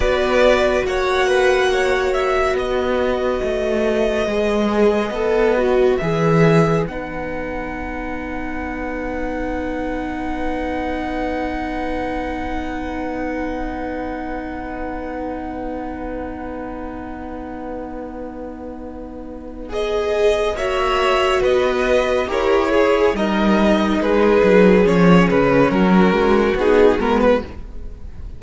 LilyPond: <<
  \new Staff \with { instrumentName = "violin" } { \time 4/4 \tempo 4 = 70 d''4 fis''4. e''8 dis''4~ | dis''2. e''4 | fis''1~ | fis''1~ |
fis''1~ | fis''2. dis''4 | e''4 dis''4 cis''4 dis''4 | b'4 cis''8 b'8 ais'4 gis'8 ais'16 b'16 | }
  \new Staff \with { instrumentName = "violin" } { \time 4/4 b'4 cis''8 b'8 cis''4 b'4~ | b'1~ | b'1~ | b'1~ |
b'1~ | b'1 | cis''4 b'4 ais'8 gis'8 ais'4 | gis'2 fis'2 | }
  \new Staff \with { instrumentName = "viola" } { \time 4/4 fis'1~ | fis'4 gis'4 a'8 fis'8 gis'4 | dis'1~ | dis'1~ |
dis'1~ | dis'2. gis'4 | fis'2 g'8 gis'8 dis'4~ | dis'4 cis'2 dis'8 b8 | }
  \new Staff \with { instrumentName = "cello" } { \time 4/4 b4 ais2 b4 | a4 gis4 b4 e4 | b1~ | b1~ |
b1~ | b1 | ais4 b4 e'4 g4 | gis8 fis8 f8 cis8 fis8 gis8 b8 gis8 | }
>>